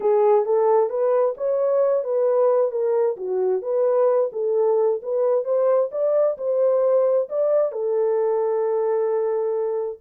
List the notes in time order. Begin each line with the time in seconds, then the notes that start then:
0.00 G#4
0.45 A4
0.89 B4
1.37 C#5
2.04 B4
2.71 A#4
3.16 F#4
3.62 B4
4.32 A4
5.02 B4
5.44 C5
5.91 D5
6.37 C5
7.29 D5
7.72 A4